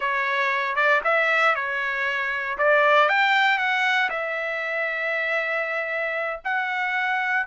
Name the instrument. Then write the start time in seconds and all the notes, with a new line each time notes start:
trumpet
0.00 C#5
0.75 D5
1.03 E5
1.55 C#5
2.58 D5
3.09 G5
3.58 F#5
4.09 E5
6.44 F#5